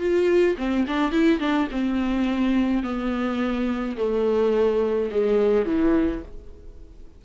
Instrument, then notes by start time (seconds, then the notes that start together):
viola
0.00 F4
0.58 C4
0.88 D4
1.12 E4
1.40 D4
1.72 C4
2.84 B3
3.97 A3
5.11 G#3
5.66 E3